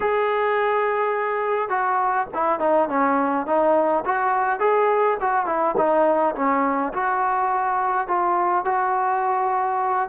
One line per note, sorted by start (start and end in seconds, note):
0.00 1.69 G#4
1.69 2.27 F#4
2.34 2.59 E4
2.59 2.88 D#4
2.88 3.46 C#4
3.46 4.04 D#4
4.05 4.59 F#4
4.59 5.17 G#4
5.20 5.46 F#4
5.46 5.75 E4
5.77 6.35 D#4
6.35 6.92 C#4
6.93 8.07 F#4
8.07 8.65 F4
8.65 10.09 F#4